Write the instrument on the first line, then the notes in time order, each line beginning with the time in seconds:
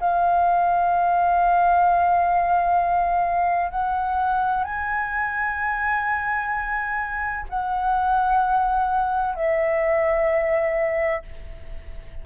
flute
0.00 F5
3.71 F#5
4.64 G#5
7.50 F#5
9.35 E5